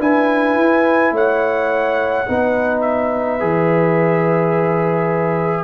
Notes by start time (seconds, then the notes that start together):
0.00 D4 E4 B4 G#5
0.56 E4
1.12 A3 C#5 F#5
2.27 B3 D#4 B4
2.82 E5
3.40 E3 G#4